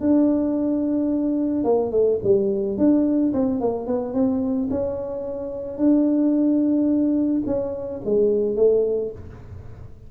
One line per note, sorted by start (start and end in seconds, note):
0.00 1.64 D4
1.64 1.91 A#3
1.91 2.19 A3
2.23 2.77 G3
2.77 3.33 D4
3.33 3.60 C4
3.60 3.87 A#3
3.87 4.14 B3
4.14 4.69 C4
4.70 5.77 C#4
5.77 7.42 D4
7.46 8.01 C#4
8.05 8.56 G#3
8.56 9.11 A3